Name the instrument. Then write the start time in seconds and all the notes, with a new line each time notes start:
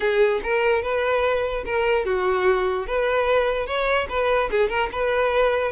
violin
0.00 G#4
0.43 A#4
0.82 B4
1.65 A#4
2.05 F#4
2.87 B4
3.66 C#5
4.09 B4
4.50 G#4
4.69 A#4
4.92 B4